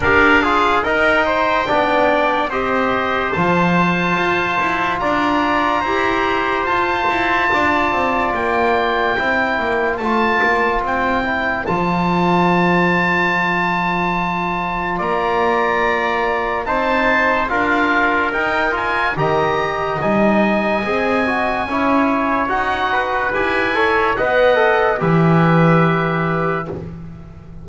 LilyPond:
<<
  \new Staff \with { instrumentName = "oboe" } { \time 4/4 \tempo 4 = 72 f''4 g''2 dis''4 | a''2 ais''2 | a''2 g''2 | a''4 g''4 a''2~ |
a''2 ais''2 | a''4 f''4 g''8 gis''8 ais''4 | gis''2. fis''4 | gis''4 fis''4 e''2 | }
  \new Staff \with { instrumentName = "trumpet" } { \time 4/4 ais'8 gis'8 ais'8 c''8 d''4 c''4~ | c''2 d''4 c''4~ | c''4 d''2 c''4~ | c''1~ |
c''2 d''2 | c''4 ais'2 dis''4~ | dis''2 cis''4. b'8~ | b'8 cis''8 dis''4 b'2 | }
  \new Staff \with { instrumentName = "trombone" } { \time 4/4 g'8 f'8 dis'4 d'4 g'4 | f'2. g'4 | f'2. e'4 | f'4. e'8 f'2~ |
f'1 | dis'4 f'4 dis'8 f'8 g'4 | dis'4 gis'8 fis'8 e'4 fis'4 | g'8 a'8 b'8 a'8 g'2 | }
  \new Staff \with { instrumentName = "double bass" } { \time 4/4 d'4 dis'4 b4 c'4 | f4 f'8 e'8 d'4 e'4 | f'8 e'8 d'8 c'8 ais4 c'8 ais8 | a8 ais8 c'4 f2~ |
f2 ais2 | c'4 d'4 dis'4 dis4 | g4 c'4 cis'4 dis'4 | e'4 b4 e2 | }
>>